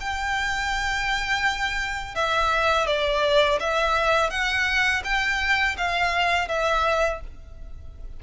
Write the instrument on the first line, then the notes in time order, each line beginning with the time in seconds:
violin
0.00 G5
2.15 E5
2.87 D5
3.60 E5
4.30 F#5
5.04 G5
5.77 F5
6.48 E5